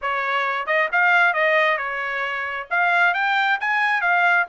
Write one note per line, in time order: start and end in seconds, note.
0.01 0.66 C#5
0.66 0.88 D#5
0.92 1.33 F5
1.33 1.77 D#5
1.77 2.67 C#5
2.70 3.13 F5
3.13 3.58 G5
3.60 4.01 G#5
4.01 4.46 F5